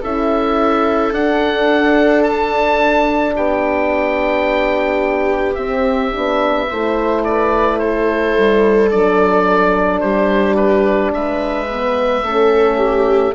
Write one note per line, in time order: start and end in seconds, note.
0.00 1.12 C#4
0.00 1.12 E4
0.00 3.33 A4
0.00 1.13 E5
1.12 3.34 D4
1.12 5.56 D4
1.12 2.23 F#5
2.23 3.34 A5
3.35 5.56 B3
3.35 6.68 G4
3.35 5.55 G5
5.55 6.12 C4
5.55 7.21 E5
6.12 6.71 B3
6.12 6.67 D4
6.69 8.37 A3
6.69 8.90 E4
6.69 7.25 C5
7.24 7.80 B4
7.24 7.78 D5
7.78 10.03 A4
7.78 8.89 C5
8.37 8.93 G3
8.90 10.01 F#3
8.90 11.68 D4
8.90 10.00 D5
10.00 11.11 G3
10.00 11.14 G4
10.00 10.55 C5
10.56 11.11 B4
11.11 12.22 G#3
11.11 12.25 B4
11.11 13.35 E5
11.69 12.23 B3
12.22 13.33 A3
12.22 13.34 C#4
12.22 12.77 A4
12.77 13.32 G4